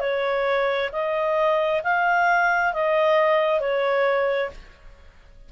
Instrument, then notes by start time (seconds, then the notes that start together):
clarinet
0.00 C#5
0.92 D#5
1.84 F5
2.74 D#5
3.61 C#5